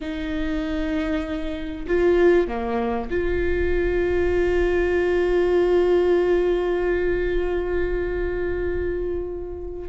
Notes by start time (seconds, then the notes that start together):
0.01 D#4
1.87 F4
2.47 A#3
3.10 F4